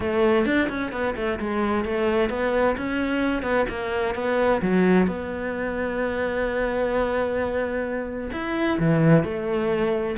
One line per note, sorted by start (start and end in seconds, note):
0.00 0.45 A3
0.45 0.68 D4
0.68 0.91 C#4
0.91 1.15 B3
1.16 1.39 A3
1.39 1.84 G#3
1.84 2.29 A3
2.29 2.75 B3
2.77 3.42 C#4
3.42 3.65 B3
3.69 4.15 A#3
4.15 4.61 B3
4.61 5.07 F#3
5.07 8.30 B3
8.32 8.78 E4
8.79 9.24 E3
9.24 10.16 A3